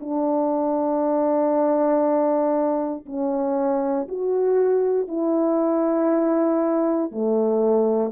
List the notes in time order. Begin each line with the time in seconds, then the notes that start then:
0.00 D4
3.06 C#4
4.08 F#4
5.08 E4
7.11 A3